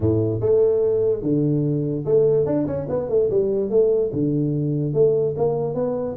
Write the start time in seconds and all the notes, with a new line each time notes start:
0.00 A2
0.40 A3
1.22 D3
2.05 A3
2.45 D4
2.66 C#4
2.89 B3
3.09 A3
3.30 G3
3.69 A3
4.13 D3
4.93 A3
5.36 A#3
5.74 B3